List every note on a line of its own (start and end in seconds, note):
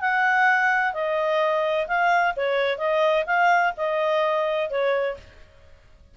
0.00 0.93 F#5
0.93 1.87 D#5
1.87 2.34 F5
2.36 2.77 C#5
2.77 3.24 D#5
3.26 3.73 F5
3.77 4.70 D#5
4.70 5.17 C#5